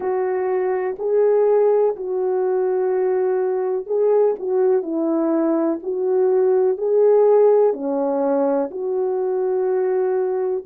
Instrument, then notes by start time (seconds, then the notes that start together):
horn
0.00 F#4
0.99 G#4
1.96 F#4
3.86 G#4
4.39 F#4
4.82 E4
5.82 F#4
6.77 G#4
7.73 C#4
8.71 F#4